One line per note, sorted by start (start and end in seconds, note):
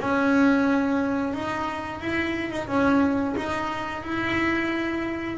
0.00 1.33 C#4
1.33 2.00 D#4
2.00 2.51 E4
2.51 2.68 D#4
2.68 3.35 C#4
3.37 4.03 D#4
4.03 5.37 E4